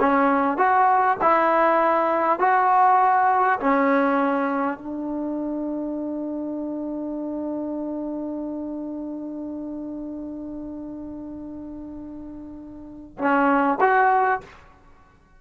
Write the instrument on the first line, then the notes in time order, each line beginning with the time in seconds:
trombone
0.00 C#4
0.58 F#4
1.21 E4
2.39 F#4
3.60 C#4
4.78 D4
13.19 C#4
13.81 F#4